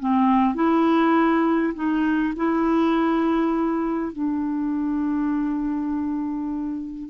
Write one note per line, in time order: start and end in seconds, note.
0.00 0.55 C4
0.55 1.73 E4
1.74 2.34 D#4
2.36 4.13 E4
4.13 7.10 D4